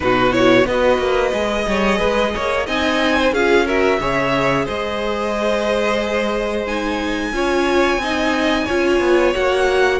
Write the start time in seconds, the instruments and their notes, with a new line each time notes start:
0.00 cello B2, viola D#4, violin F#4 B4
0.31 viola E4, violin C#5
0.65 cello B3, viola F#4, violin B4 D#5
0.98 cello A#3
1.32 cello G#3, viola G#4
1.67 cello G3, violin C#5
1.98 cello G#3, violin B4
2.35 cello A#3, violin C#5
2.66 cello C4, viola D#4, violin D#5 G#5
3.15 violin C5
3.32 cello C#4, viola F4, violin G#4 F5
3.65 viola F#4, violin A#4 E5
4.00 cello C#3, viola G#4, violin C#5
4.64 cello G#3, violin C5 D#5
6.66 viola D#4, violin G#5
7.32 cello C#4, viola F4, violin C#5
7.96 cello C4, violin D#5
8.03 viola D#4
8.64 cello C#4, viola F4, violin C#5
8.99 cello B3
9.34 cello A#3, viola F#4, violin F#5